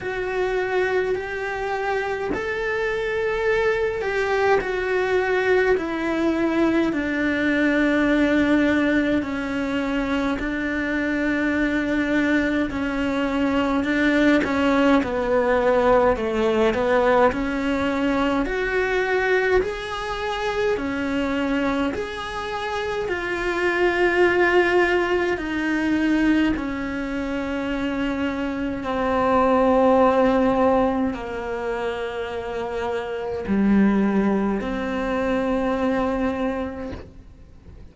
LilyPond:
\new Staff \with { instrumentName = "cello" } { \time 4/4 \tempo 4 = 52 fis'4 g'4 a'4. g'8 | fis'4 e'4 d'2 | cis'4 d'2 cis'4 | d'8 cis'8 b4 a8 b8 cis'4 |
fis'4 gis'4 cis'4 gis'4 | f'2 dis'4 cis'4~ | cis'4 c'2 ais4~ | ais4 g4 c'2 | }